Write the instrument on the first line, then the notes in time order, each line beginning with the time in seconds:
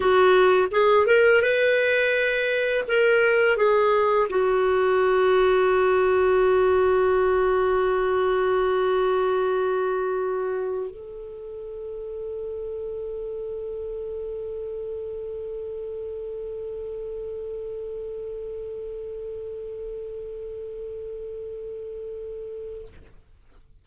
clarinet
0.00 F#4
0.71 G#4
1.06 A#4
1.42 B4
2.87 A#4
3.56 G#4
4.29 F#4
10.90 A4